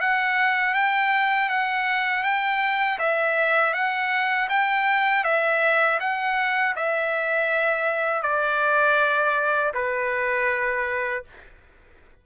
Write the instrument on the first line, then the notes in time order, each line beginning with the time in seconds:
trumpet
0.00 F#5
0.74 G5
1.49 F#5
2.23 G5
2.98 E5
3.73 F#5
4.49 G5
5.24 E5
6.00 F#5
6.76 E5
8.22 D5
9.74 B4